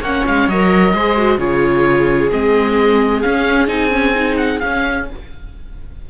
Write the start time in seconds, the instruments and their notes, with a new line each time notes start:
0.00 cello A#3, viola C#5, oboe F#5
0.06 viola C#4
0.27 cello G#3, oboe F5
0.48 cello F#3, viola A#4, oboe D#5
0.93 cello G#3, viola G#4 C5
1.17 viola F#4
1.38 cello C#3, viola F4 G#4, oboe C#5
2.31 cello G#3, viola C4, oboe D#5
3.22 viola C#4, cello C#4, oboe F5
3.68 cello C4, viola D#4, oboe G#5
3.91 viola C#4
4.15 viola D#4
4.37 oboe F#5
4.60 viola C#4, cello C#4, oboe F5